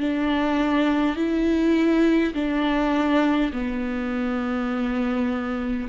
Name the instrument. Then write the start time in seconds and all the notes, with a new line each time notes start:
viola
0.00 D4
1.16 E4
2.34 D4
3.53 B3